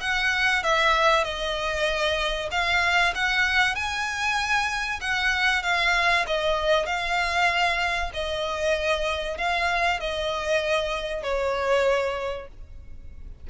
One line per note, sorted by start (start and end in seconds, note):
0.00 0.62 F#5
0.62 1.24 E5
1.24 2.49 D#5
2.51 3.13 F5
3.14 3.75 F#5
3.75 5.00 G#5
5.00 5.62 F#5
5.62 6.25 F5
6.27 6.86 D#5
6.86 8.11 F5
8.13 9.37 D#5
9.37 9.99 F5
9.99 11.22 D#5
11.22 12.47 C#5